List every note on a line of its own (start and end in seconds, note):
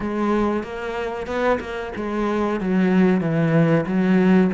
0.00 0.63 G#3
0.63 1.26 A#3
1.26 1.58 B3
1.60 1.92 A#3
1.96 2.60 G#3
2.60 3.21 F#3
3.21 3.85 E3
3.86 4.50 F#3